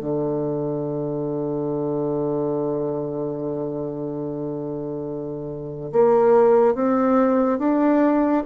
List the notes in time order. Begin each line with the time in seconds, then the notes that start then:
0.00 D3
5.92 A#3
6.75 C4
7.59 D4